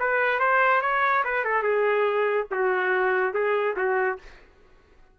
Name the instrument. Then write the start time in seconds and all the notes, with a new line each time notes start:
trumpet
0.00 B4
0.40 C5
0.82 C#5
1.25 B4
1.45 A4
1.63 G#4
2.52 F#4
3.34 G#4
3.77 F#4